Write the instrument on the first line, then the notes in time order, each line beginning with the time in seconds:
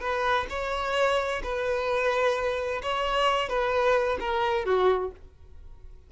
violin
0.00 B4
0.49 C#5
1.43 B4
2.82 C#5
3.48 B4
4.20 A#4
4.65 F#4